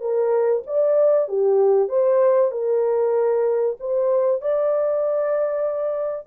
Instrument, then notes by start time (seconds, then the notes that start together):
horn
0.00 A#4
0.66 D5
1.28 G4
1.89 C5
2.51 A#4
3.80 C5
4.41 D5